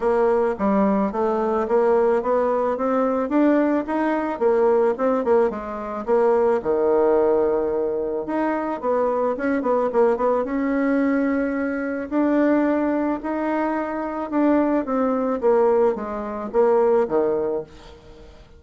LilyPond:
\new Staff \with { instrumentName = "bassoon" } { \time 4/4 \tempo 4 = 109 ais4 g4 a4 ais4 | b4 c'4 d'4 dis'4 | ais4 c'8 ais8 gis4 ais4 | dis2. dis'4 |
b4 cis'8 b8 ais8 b8 cis'4~ | cis'2 d'2 | dis'2 d'4 c'4 | ais4 gis4 ais4 dis4 | }